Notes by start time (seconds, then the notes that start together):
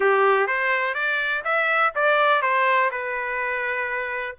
0.00 G4
0.47 C5
0.94 D5
1.44 E5
1.95 D5
2.42 C5
2.91 B4